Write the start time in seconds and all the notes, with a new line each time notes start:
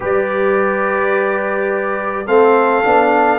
0.00 G3 G4 B4 D5
2.26 A3 C4 A4 F5
2.83 B3 D4